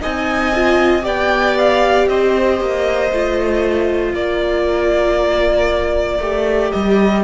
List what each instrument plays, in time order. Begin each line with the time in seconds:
0.00 cello C4, viola D#4, violin D#5 G#5
0.54 viola F4
1.02 cello B3, viola G4, violin D5 G5
1.58 violin F5
2.09 cello C4, violin C5 D#5
2.60 cello A#3
3.12 cello A3, viola F4
4.14 cello A#3, violin A#4 D5
6.19 cello A3, viola G4
6.72 cello G3, violin D#5